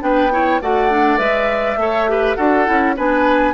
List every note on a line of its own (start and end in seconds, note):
0.00 0.61 B3
0.00 0.29 D4
0.00 0.33 B4
0.00 0.61 G5
0.32 0.61 E4
0.32 0.62 C#5
0.62 1.19 A3
0.62 0.90 F#4
0.62 1.80 D5
0.62 1.18 F#5
0.90 1.18 D4
1.18 1.77 G#3
1.18 1.77 B4
1.18 2.35 E5
1.77 2.36 A3
1.77 2.08 A4
1.77 2.11 C#5
2.08 2.37 G4
2.08 2.36 B4
2.35 2.68 D4
2.35 2.66 F#4
2.35 2.95 A4
2.35 2.94 F#5
2.66 2.98 C#4
2.66 2.95 E4
2.97 3.54 B3
2.97 3.54 D4
2.97 3.54 B4
2.97 3.54 G#5